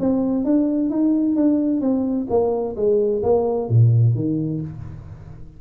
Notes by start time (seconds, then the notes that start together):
0.00 C4
0.45 D4
0.90 D#4
1.36 D4
1.81 C4
2.30 A#3
2.77 G#3
3.23 A#3
3.69 A#2
4.15 D#3